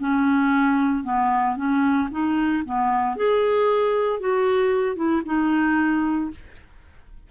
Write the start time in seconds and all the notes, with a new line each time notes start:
0.00 C#4
1.04 B3
1.56 C#4
2.11 D#4
2.66 B3
3.16 G#4
4.20 F#4
4.96 E4
5.25 D#4